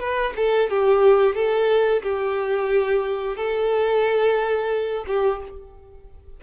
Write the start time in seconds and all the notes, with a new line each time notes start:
0.00 B4
0.36 A4
0.70 G4
1.35 A4
2.03 G4
3.37 A4
5.07 G4